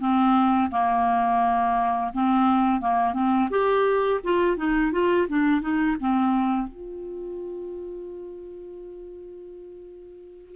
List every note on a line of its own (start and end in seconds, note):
0.00 0.71 C4
0.71 2.12 A#3
2.14 2.81 C4
2.81 3.14 A#3
3.14 3.49 C4
3.50 4.21 G4
4.24 4.58 F4
4.58 4.93 D#4
4.93 5.28 F4
5.29 5.62 D4
5.62 5.97 D#4
6.01 6.68 C4
6.68 10.56 F4